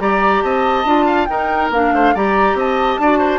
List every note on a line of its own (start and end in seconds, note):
0.00 0.43 G3
0.00 0.86 G4
0.00 0.45 D5
0.00 0.42 A#5
0.42 0.85 C4
0.42 1.07 D#5
0.42 1.26 A5
0.85 1.28 D4
0.85 1.29 F4
1.07 1.28 F5
1.26 1.72 D#4
1.26 1.70 D#4
1.26 1.95 A#4
1.26 1.69 G5
1.70 1.92 A#3
1.70 2.16 D4
1.70 2.16 F5
1.93 2.14 A3
1.93 2.15 C5
2.15 2.54 G3
2.15 3.02 G4
2.15 2.58 D5
2.15 2.59 A#5
2.54 2.97 C4
2.54 3.01 D#5
2.54 3.40 A5
2.99 3.40 D4
2.99 3.40 F#4
2.99 3.19 D5
3.19 3.40 C5